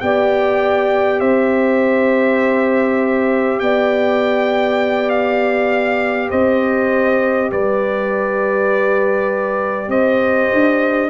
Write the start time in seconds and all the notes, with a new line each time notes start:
0.00 B3 G4 D5 G5
1.20 C4 C5 E5
3.60 B3 D5 G5
5.10 F5
6.30 C4 C5 D#5
7.52 G3 B4 D5
9.88 C4 C5 D#5
10.53 D4